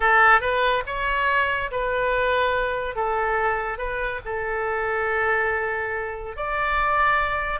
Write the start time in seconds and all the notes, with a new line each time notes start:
0.00 A4
0.41 B4
0.86 C#5
1.71 B4
2.95 A4
3.78 B4
4.25 A4
6.36 D5